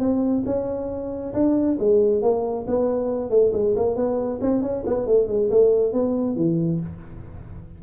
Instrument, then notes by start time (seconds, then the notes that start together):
tuba
0.00 C4
0.46 C#4
1.34 D4
1.80 G#3
2.22 A#3
2.68 B3
3.30 A3
3.53 G#3
3.76 A#3
3.96 B3
4.42 C4
4.62 C#4
4.87 B3
5.07 A3
5.28 G#3
5.51 A3
5.93 B3
6.36 E3